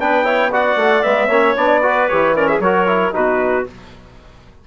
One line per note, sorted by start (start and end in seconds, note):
0.00 0.76 B3
0.00 0.24 D4
0.00 0.25 B4
0.00 0.53 G5
0.24 0.50 E4
0.24 0.51 C#5
0.52 1.03 F#4
0.52 1.27 D5
0.52 1.03 F#5
0.76 1.02 A3
1.03 1.29 G#3
1.03 1.29 B3
1.03 1.55 E5
1.27 1.55 A#3
1.27 1.57 C#4
1.27 1.80 C#5
1.57 2.09 B3
1.57 1.83 D4
1.57 2.09 D5
1.83 2.09 F#4
1.83 2.36 B4
2.09 2.60 E3
2.09 2.36 G4
2.09 2.35 C#5
2.36 2.62 C#4
2.36 2.49 A#4
2.36 2.47 D5
2.47 2.62 G#4
2.47 2.60 E5
2.60 3.12 F#3
2.60 2.87 F#4
2.60 3.15 A#4
2.60 3.14 C#5
2.87 3.12 E4
3.12 3.67 B2
3.12 3.65 D#4
3.12 3.67 F#4
3.12 3.68 B4